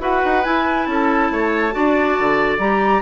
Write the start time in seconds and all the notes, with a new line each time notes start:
0.00 E4 F#4 B4 F#5
0.25 D#4
0.44 E4 G#5
0.86 C#4 A4 A5
1.31 A3 C#5
1.72 D4 F#4 D5
2.19 D3
2.59 G3 G4 A#5